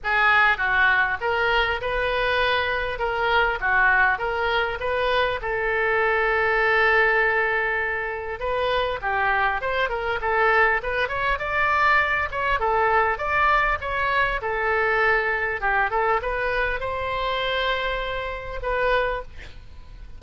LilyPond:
\new Staff \with { instrumentName = "oboe" } { \time 4/4 \tempo 4 = 100 gis'4 fis'4 ais'4 b'4~ | b'4 ais'4 fis'4 ais'4 | b'4 a'2.~ | a'2 b'4 g'4 |
c''8 ais'8 a'4 b'8 cis''8 d''4~ | d''8 cis''8 a'4 d''4 cis''4 | a'2 g'8 a'8 b'4 | c''2. b'4 | }